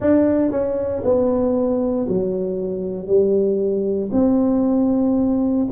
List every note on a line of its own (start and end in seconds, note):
0.00 0.51 D4
0.51 1.03 C#4
1.04 2.07 B3
2.08 3.06 F#3
3.06 4.10 G3
4.11 5.67 C4